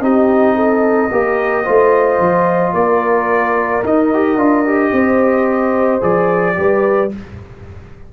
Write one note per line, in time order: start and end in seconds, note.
0.00 1.09 C4
0.00 1.10 D#4
0.00 0.55 G4
0.00 2.74 D#5
0.55 1.10 A4
1.11 1.66 A#3
1.11 1.65 G4
1.11 1.64 A#4
1.64 2.19 A3
1.64 3.83 F4
1.64 2.73 C5
2.19 2.73 F3
2.73 3.82 A#3
2.73 4.92 A#4
2.73 3.83 D5
3.84 4.36 D#4
3.84 4.14 D#4
3.84 6.02 D#5
4.14 4.37 G4
4.36 4.91 D4
4.36 4.65 F4
4.66 6.01 G4
4.92 6.02 C4
4.92 6.57 C5
6.01 6.57 F3
6.01 6.55 G#4
6.01 7.11 D5
6.55 7.13 G3
6.55 7.09 G4
6.55 7.12 B4